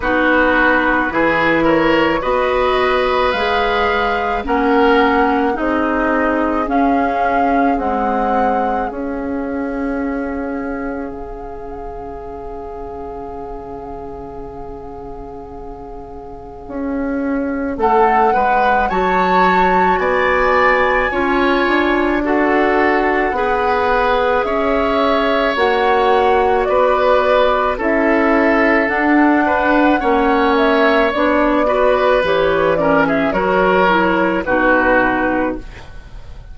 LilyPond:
<<
  \new Staff \with { instrumentName = "flute" } { \time 4/4 \tempo 4 = 54 b'4. cis''8 dis''4 f''4 | fis''4 dis''4 f''4 fis''4 | f''1~ | f''1 |
fis''4 a''4 gis''2 | fis''2 e''4 fis''4 | d''4 e''4 fis''4. e''8 | d''4 cis''8 d''16 e''16 cis''4 b'4 | }
  \new Staff \with { instrumentName = "oboe" } { \time 4/4 fis'4 gis'8 ais'8 b'2 | ais'4 gis'2.~ | gis'1~ | gis'1 |
a'8 b'8 cis''4 d''4 cis''4 | a'4 b'4 cis''2 | b'4 a'4. b'8 cis''4~ | cis''8 b'4 ais'16 gis'16 ais'4 fis'4 | }
  \new Staff \with { instrumentName = "clarinet" } { \time 4/4 dis'4 e'4 fis'4 gis'4 | cis'4 dis'4 cis'4 gis4 | cis'1~ | cis'1~ |
cis'4 fis'2 f'4 | fis'4 gis'2 fis'4~ | fis'4 e'4 d'4 cis'4 | d'8 fis'8 g'8 cis'8 fis'8 e'8 dis'4 | }
  \new Staff \with { instrumentName = "bassoon" } { \time 4/4 b4 e4 b4 gis4 | ais4 c'4 cis'4 c'4 | cis'2 cis2~ | cis2. cis'4 |
a8 gis8 fis4 b4 cis'8 d'8~ | d'4 b4 cis'4 ais4 | b4 cis'4 d'4 ais4 | b4 e4 fis4 b,4 | }
>>